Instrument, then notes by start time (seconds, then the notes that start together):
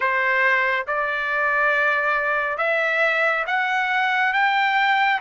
trumpet
0.00 C5
0.87 D5
2.57 E5
3.46 F#5
4.33 G5